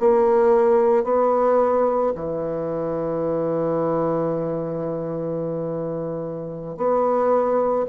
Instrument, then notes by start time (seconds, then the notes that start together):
bassoon
0.00 A#3
1.04 B3
2.15 E3
6.77 B3